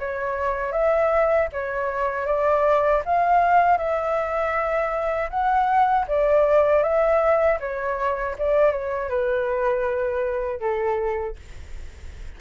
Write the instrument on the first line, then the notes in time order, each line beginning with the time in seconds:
flute
0.00 C#5
0.72 E5
1.53 C#5
2.26 D5
3.06 F5
3.78 E5
5.31 F#5
6.08 D5
6.83 E5
7.61 C#5
8.39 D5
8.72 C#5
9.10 B4
10.61 A4